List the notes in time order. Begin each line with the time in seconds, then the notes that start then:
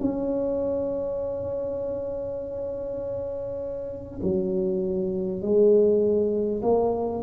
0.00 C#4
4.22 F#3
5.42 G#3
6.62 A#3